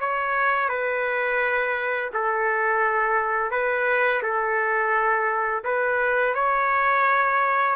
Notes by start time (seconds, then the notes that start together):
0.00 C#5
0.69 B4
2.13 A4
3.51 B4
4.23 A4
5.64 B4
6.35 C#5